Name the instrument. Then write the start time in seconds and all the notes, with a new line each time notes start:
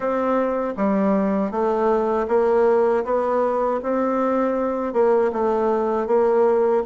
bassoon
0.00 C4
0.77 G3
1.51 A3
2.28 A#3
3.04 B3
3.83 C4
4.93 A#3
5.32 A3
6.06 A#3